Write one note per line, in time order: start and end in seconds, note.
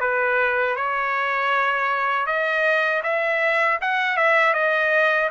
0.00 0.76 B4
0.76 2.26 C#5
2.26 3.02 D#5
3.03 3.79 E5
3.81 4.17 F#5
4.17 4.54 E5
4.54 5.30 D#5